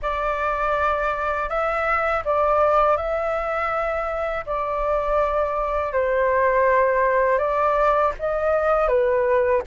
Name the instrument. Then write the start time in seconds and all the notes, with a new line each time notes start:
flute
0.02 D5
1.49 E5
2.25 D5
2.96 E5
4.45 D5
5.93 C5
7.38 D5
8.19 D#5
8.88 B4